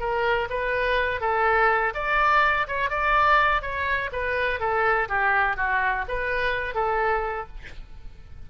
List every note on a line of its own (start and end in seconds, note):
0.00 0.48 A#4
0.50 1.21 B4
1.21 1.93 A4
1.94 2.67 D5
2.67 2.90 C#5
2.90 3.62 D5
3.62 4.10 C#5
4.12 4.60 B4
4.60 5.08 A4
5.09 5.56 G4
5.56 6.05 F#4
6.08 6.75 B4
6.75 7.47 A4